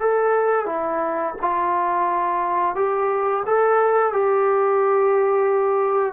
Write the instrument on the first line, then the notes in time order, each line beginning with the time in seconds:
trombone
0.00 A4
0.66 E4
1.42 F4
2.76 G4
3.47 A4
4.13 G4